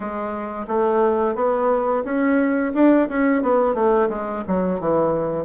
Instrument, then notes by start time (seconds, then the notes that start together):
bassoon
0.00 G#3
0.67 A3
1.35 B3
2.04 C#4
2.74 D4
3.09 C#4
3.42 B3
3.74 A3
4.09 G#3
4.47 F#3
4.79 E3